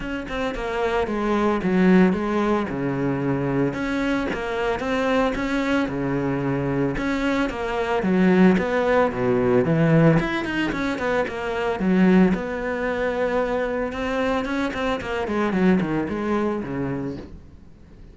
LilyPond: \new Staff \with { instrumentName = "cello" } { \time 4/4 \tempo 4 = 112 cis'8 c'8 ais4 gis4 fis4 | gis4 cis2 cis'4 | ais4 c'4 cis'4 cis4~ | cis4 cis'4 ais4 fis4 |
b4 b,4 e4 e'8 dis'8 | cis'8 b8 ais4 fis4 b4~ | b2 c'4 cis'8 c'8 | ais8 gis8 fis8 dis8 gis4 cis4 | }